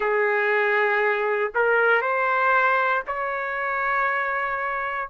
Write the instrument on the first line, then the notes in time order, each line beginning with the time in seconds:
trumpet
0.00 G#4
1.54 A#4
2.01 C5
3.07 C#5